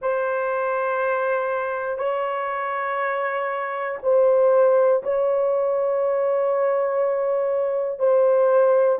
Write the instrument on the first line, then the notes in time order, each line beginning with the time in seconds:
horn
0.01 C5
1.97 C#5
4.02 C5
5.03 C#5
7.99 C5